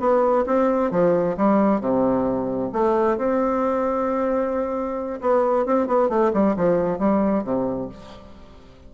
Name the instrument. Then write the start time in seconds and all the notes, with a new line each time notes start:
bassoon
0.00 B3
0.47 C4
0.91 F3
1.37 G3
1.81 C3
2.73 A3
3.17 C4
5.21 B3
5.66 C4
5.87 B3
6.09 A3
6.33 G3
6.56 F3
6.99 G3
7.44 C3